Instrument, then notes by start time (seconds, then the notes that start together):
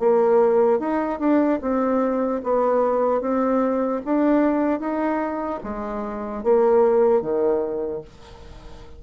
bassoon
0.00 A#3
0.80 D#4
1.20 D4
1.62 C4
2.44 B3
3.21 C4
4.05 D4
4.80 D#4
5.64 G#3
6.44 A#3
7.22 D#3